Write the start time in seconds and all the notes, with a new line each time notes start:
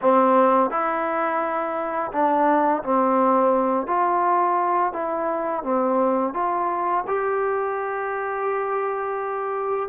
0.01 C4
0.70 E4
2.12 D4
2.83 C4
3.86 F4
4.92 E4
5.63 C4
6.33 F4
7.07 G4